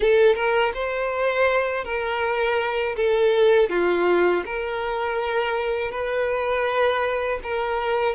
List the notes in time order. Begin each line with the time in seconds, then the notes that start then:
0.00 A4
0.35 A#4
0.74 C5
1.84 A#4
2.96 A4
3.69 F4
4.45 A#4
5.91 B4
7.43 A#4